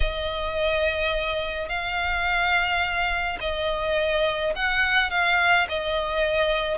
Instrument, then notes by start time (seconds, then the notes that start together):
violin
0.00 D#5
1.68 F5
3.40 D#5
4.55 F#5
5.10 F5
5.69 D#5